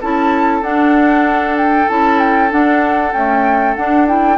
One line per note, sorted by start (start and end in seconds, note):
0.00 0.61 C#4
0.00 0.62 E4
0.00 4.38 A4
0.00 0.62 A5
0.61 1.86 D4
0.61 1.87 D4
0.61 1.56 F#5
1.57 1.88 G5
1.88 2.52 C#4
1.88 2.50 E4
1.88 2.19 A5
2.19 2.50 G5
2.50 3.12 D4
2.50 3.12 F#5
3.12 3.76 A3
3.12 3.75 C#4
3.12 3.75 G5
3.75 4.07 D4
3.75 4.38 D4
3.75 4.07 F#5
4.07 4.38 E4
4.07 4.38 G5